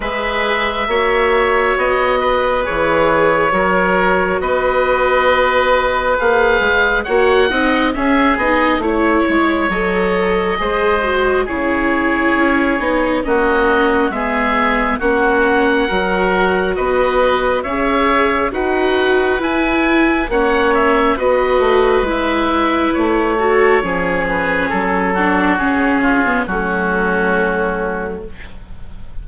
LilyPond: <<
  \new Staff \with { instrumentName = "oboe" } { \time 4/4 \tempo 4 = 68 e''2 dis''4 cis''4~ | cis''4 dis''2 f''4 | fis''4 e''8 dis''8 cis''4 dis''4~ | dis''4 cis''2 dis''4 |
e''4 fis''2 dis''4 | e''4 fis''4 gis''4 fis''8 e''8 | dis''4 e''4 cis''4. b'8 | a'4 gis'4 fis'2 | }
  \new Staff \with { instrumentName = "oboe" } { \time 4/4 b'4 cis''4. b'4. | ais'4 b'2. | cis''8 dis''8 gis'4 cis''2 | c''4 gis'2 fis'4 |
gis'4 fis'4 ais'4 b'4 | cis''4 b'2 cis''4 | b'2~ b'8 a'8 gis'4~ | gis'8 fis'4 f'8 cis'2 | }
  \new Staff \with { instrumentName = "viola" } { \time 4/4 gis'4 fis'2 gis'4 | fis'2. gis'4 | fis'8 dis'8 cis'8 dis'8 e'4 a'4 | gis'8 fis'8 e'4. dis'8 cis'4 |
b4 cis'4 fis'2 | gis'4 fis'4 e'4 cis'4 | fis'4 e'4. fis'8 cis'4~ | cis'8 d'8 cis'8. b16 a2 | }
  \new Staff \with { instrumentName = "bassoon" } { \time 4/4 gis4 ais4 b4 e4 | fis4 b2 ais8 gis8 | ais8 c'8 cis'8 b8 a8 gis8 fis4 | gis4 cis4 cis'8 b8 ais4 |
gis4 ais4 fis4 b4 | cis'4 dis'4 e'4 ais4 | b8 a8 gis4 a4 f4 | fis4 cis4 fis2 | }
>>